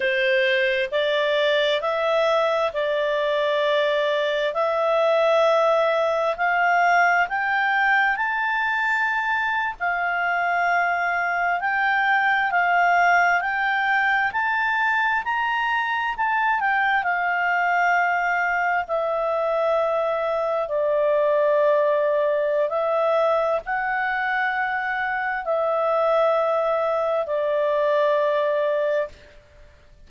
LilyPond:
\new Staff \with { instrumentName = "clarinet" } { \time 4/4 \tempo 4 = 66 c''4 d''4 e''4 d''4~ | d''4 e''2 f''4 | g''4 a''4.~ a''16 f''4~ f''16~ | f''8. g''4 f''4 g''4 a''16~ |
a''8. ais''4 a''8 g''8 f''4~ f''16~ | f''8. e''2 d''4~ d''16~ | d''4 e''4 fis''2 | e''2 d''2 | }